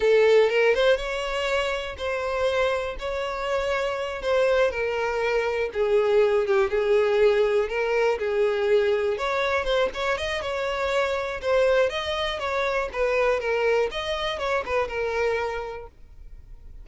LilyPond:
\new Staff \with { instrumentName = "violin" } { \time 4/4 \tempo 4 = 121 a'4 ais'8 c''8 cis''2 | c''2 cis''2~ | cis''8 c''4 ais'2 gis'8~ | gis'4 g'8 gis'2 ais'8~ |
ais'8 gis'2 cis''4 c''8 | cis''8 dis''8 cis''2 c''4 | dis''4 cis''4 b'4 ais'4 | dis''4 cis''8 b'8 ais'2 | }